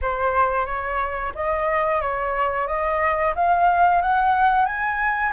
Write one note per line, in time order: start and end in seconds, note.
0.01 0.66 C5
0.66 1.32 C#5
1.34 2.01 D#5
2.01 2.67 C#5
2.67 3.33 D#5
3.35 4.01 F5
4.01 4.65 F#5
4.65 5.32 G#5